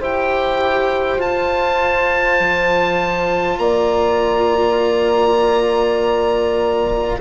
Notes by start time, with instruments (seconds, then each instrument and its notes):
0.00 bassoon E4, cello G4, horn C5, oboe G5
1.18 bassoon F4, cello F4, oboe A5
2.40 bassoon F3
3.58 bassoon A#3, horn D5, oboe A#5